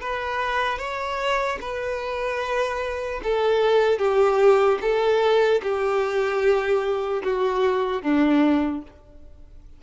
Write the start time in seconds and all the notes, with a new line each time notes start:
0.00 B4
0.79 C#5
1.61 B4
3.23 A4
3.98 G4
4.81 A4
5.63 G4
7.23 F#4
8.02 D4